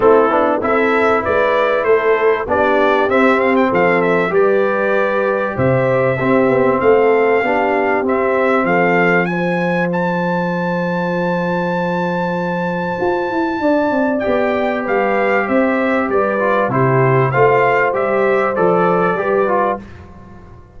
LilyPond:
<<
  \new Staff \with { instrumentName = "trumpet" } { \time 4/4 \tempo 4 = 97 a'4 e''4 d''4 c''4 | d''4 e''8 f''16 g''16 f''8 e''8 d''4~ | d''4 e''2 f''4~ | f''4 e''4 f''4 gis''4 |
a''1~ | a''2. g''4 | f''4 e''4 d''4 c''4 | f''4 e''4 d''2 | }
  \new Staff \with { instrumentName = "horn" } { \time 4/4 e'4 a'4 b'4 a'4 | g'2 a'4 b'4~ | b'4 c''4 g'4 a'4 | g'2 a'4 c''4~ |
c''1~ | c''2 d''2 | b'4 c''4 b'4 g'4 | c''2. b'4 | }
  \new Staff \with { instrumentName = "trombone" } { \time 4/4 c'8 d'8 e'2. | d'4 c'2 g'4~ | g'2 c'2 | d'4 c'2 f'4~ |
f'1~ | f'2. g'4~ | g'2~ g'8 f'8 e'4 | f'4 g'4 a'4 g'8 f'8 | }
  \new Staff \with { instrumentName = "tuba" } { \time 4/4 a8 b8 c'4 gis4 a4 | b4 c'4 f4 g4~ | g4 c4 c'8 b8 a4 | b4 c'4 f2~ |
f1~ | f4 f'8 e'8 d'8 c'8 b4 | g4 c'4 g4 c4 | a4 g4 f4 g4 | }
>>